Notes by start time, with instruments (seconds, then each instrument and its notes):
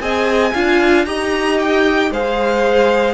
0.00 cello C4, viola G#4, violin D#5 G#5
0.53 cello D4, viola F4, violin F5
1.06 cello D#4, viola G4, violin D#5 A#5
1.59 violin G5
2.11 cello G#3, viola G#4, violin C5 F5